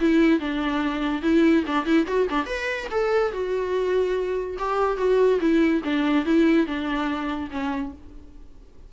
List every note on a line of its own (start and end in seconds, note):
0.00 0.40 E4
0.40 1.22 D4
1.22 1.64 E4
1.66 1.85 D4
1.85 2.06 E4
2.07 2.28 F#4
2.29 2.46 D4
2.46 2.87 B4
2.91 3.32 A4
3.32 4.57 F#4
4.58 4.97 G4
4.97 5.39 F#4
5.40 5.82 E4
5.84 6.25 D4
6.25 6.66 E4
6.66 7.49 D4
7.51 7.92 C#4